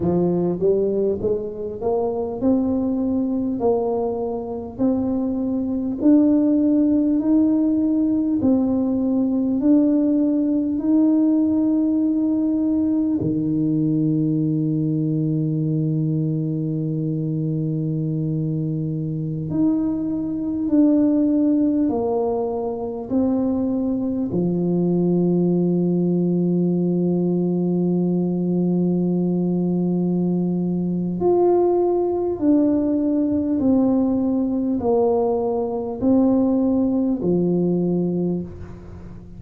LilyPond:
\new Staff \with { instrumentName = "tuba" } { \time 4/4 \tempo 4 = 50 f8 g8 gis8 ais8 c'4 ais4 | c'4 d'4 dis'4 c'4 | d'4 dis'2 dis4~ | dis1~ |
dis16 dis'4 d'4 ais4 c'8.~ | c'16 f2.~ f8.~ | f2 f'4 d'4 | c'4 ais4 c'4 f4 | }